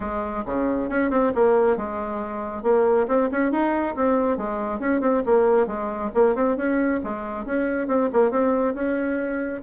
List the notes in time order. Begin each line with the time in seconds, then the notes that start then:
0.00 G#3
0.45 C#3
0.89 C#4
1.10 C4
1.35 A#3
1.76 G#3
2.63 A#3
3.07 C4
3.31 C#4
3.51 D#4
3.95 C4
4.37 G#3
4.79 C#4
5.00 C4
5.25 A#3
5.66 G#3
6.14 A#3
6.35 C4
6.56 C#4
7.03 G#3
7.45 C#4
7.87 C4
8.12 A#3
8.31 C4
8.74 C#4